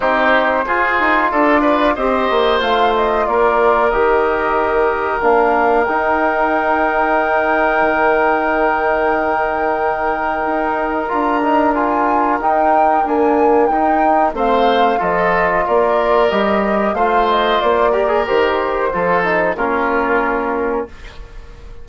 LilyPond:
<<
  \new Staff \with { instrumentName = "flute" } { \time 4/4 \tempo 4 = 92 c''2 d''4 dis''4 | f''8 dis''8 d''4 dis''2 | f''4 g''2.~ | g''1~ |
g''4 ais''4 gis''4 g''4 | gis''4 g''4 f''4 dis''4 | d''4 dis''4 f''8 dis''8 d''4 | c''2 ais'2 | }
  \new Staff \with { instrumentName = "oboe" } { \time 4/4 g'4 gis'4 a'8 b'8 c''4~ | c''4 ais'2.~ | ais'1~ | ais'1~ |
ais'1~ | ais'2 c''4 a'4 | ais'2 c''4. ais'8~ | ais'4 a'4 f'2 | }
  \new Staff \with { instrumentName = "trombone" } { \time 4/4 dis'4 f'2 g'4 | f'2 g'2 | d'4 dis'2.~ | dis'1~ |
dis'4 f'8 dis'8 f'4 dis'4 | ais4 dis'4 c'4 f'4~ | f'4 g'4 f'4. g'16 gis'16 | g'4 f'8 dis'8 cis'2 | }
  \new Staff \with { instrumentName = "bassoon" } { \time 4/4 c'4 f'8 dis'8 d'4 c'8 ais8 | a4 ais4 dis2 | ais4 dis'2. | dis1 |
dis'4 d'2 dis'4 | d'4 dis'4 a4 f4 | ais4 g4 a4 ais4 | dis4 f4 ais2 | }
>>